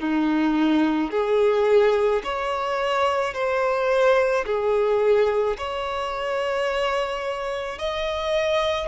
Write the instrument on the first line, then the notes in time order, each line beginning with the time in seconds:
violin
0.00 D#4
1.11 G#4
2.24 C#5
3.34 C5
4.46 G#4
5.58 C#5
7.79 D#5